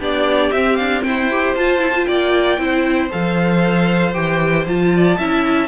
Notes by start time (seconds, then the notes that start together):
0.00 B3 D4 G4 D5
0.52 C4 E5
0.76 D4 F5
1.03 E4 C5 G5
1.31 G4
1.55 F4 A5
1.80 E4
1.94 F4
2.05 A#3 D5 G5
2.58 C4 E4 C5
3.11 F3 A4 F5
4.14 E3 G4 G5
4.66 F3 F4 A5
4.96 D5
5.18 C#4 E4 E5